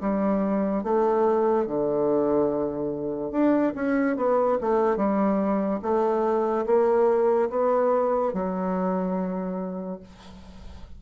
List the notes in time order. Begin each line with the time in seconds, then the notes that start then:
0.00 G3
0.83 A3
1.66 D3
3.31 D4
3.75 C#4
4.16 B3
4.61 A3
4.96 G3
5.82 A3
6.66 A#3
7.50 B3
8.33 F#3